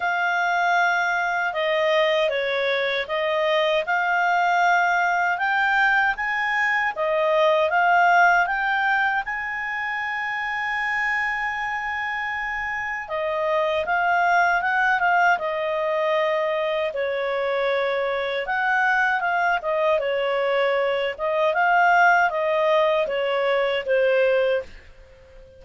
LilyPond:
\new Staff \with { instrumentName = "clarinet" } { \time 4/4 \tempo 4 = 78 f''2 dis''4 cis''4 | dis''4 f''2 g''4 | gis''4 dis''4 f''4 g''4 | gis''1~ |
gis''4 dis''4 f''4 fis''8 f''8 | dis''2 cis''2 | fis''4 f''8 dis''8 cis''4. dis''8 | f''4 dis''4 cis''4 c''4 | }